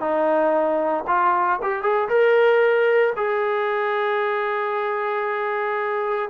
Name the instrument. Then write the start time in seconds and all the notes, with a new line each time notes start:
trombone
0.00 D#4
1.08 F4
1.62 G4
1.83 G#4
2.09 A#4
3.17 G#4